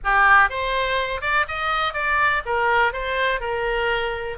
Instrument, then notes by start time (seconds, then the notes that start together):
oboe
0.04 G4
0.49 C5
1.21 D5
1.48 D#5
1.93 D5
2.45 A#4
2.93 C5
3.40 A#4